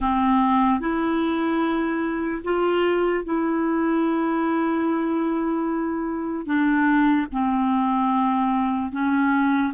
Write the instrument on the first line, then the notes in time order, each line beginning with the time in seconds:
clarinet
0.00 C4
0.80 E4
2.43 F4
3.24 E4
6.45 D4
7.32 C4
8.92 C#4